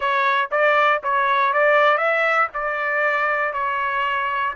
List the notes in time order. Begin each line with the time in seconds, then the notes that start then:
0.00 C#5
0.51 D5
1.03 C#5
1.53 D5
1.97 E5
2.53 D5
3.53 C#5